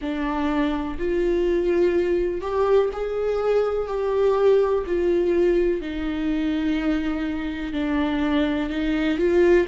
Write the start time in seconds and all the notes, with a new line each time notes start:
0.00 D4
0.98 F4
2.41 G4
2.93 G#4
3.87 G4
4.86 F4
5.81 D#4
7.72 D4
8.69 D#4
9.18 F4